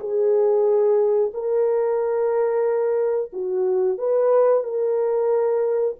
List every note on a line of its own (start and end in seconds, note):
0.00 1.32 G#4
1.34 3.31 A#4
3.33 3.98 F#4
3.98 4.64 B4
4.64 5.96 A#4